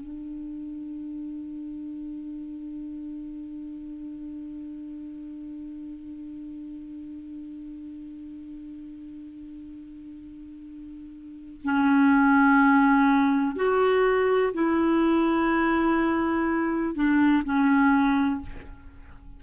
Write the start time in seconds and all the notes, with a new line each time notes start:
0.00 D4
11.64 C#4
13.56 F#4
14.53 E4
16.95 D4
17.44 C#4